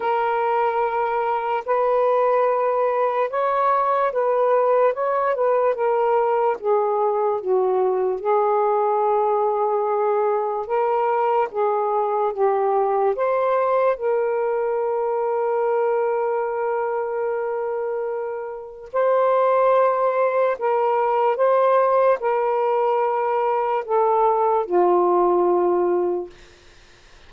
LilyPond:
\new Staff \with { instrumentName = "saxophone" } { \time 4/4 \tempo 4 = 73 ais'2 b'2 | cis''4 b'4 cis''8 b'8 ais'4 | gis'4 fis'4 gis'2~ | gis'4 ais'4 gis'4 g'4 |
c''4 ais'2.~ | ais'2. c''4~ | c''4 ais'4 c''4 ais'4~ | ais'4 a'4 f'2 | }